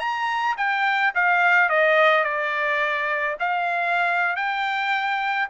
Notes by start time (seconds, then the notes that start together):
0.00 A#5
0.58 G5
1.15 F5
1.69 D#5
2.25 D5
3.40 F5
4.36 G5